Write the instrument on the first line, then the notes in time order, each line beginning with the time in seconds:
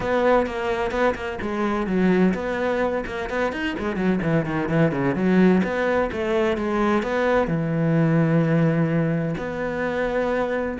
cello
0.00 B3
0.46 A#3
0.91 B3
1.15 A#3
1.41 G#3
1.86 F#3
2.34 B3
3.06 A#3
3.29 B3
3.52 D#4
3.79 G#3
3.95 F#3
4.22 E3
4.45 D#3
4.69 E3
4.91 C#3
5.15 F#3
5.63 B3
6.12 A3
6.57 G#3
7.02 B3
7.47 E3
9.37 B3